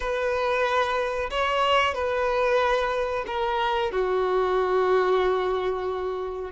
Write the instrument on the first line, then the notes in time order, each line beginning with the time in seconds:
violin
0.00 B4
1.30 C#5
1.94 B4
3.26 A#4
3.91 F#4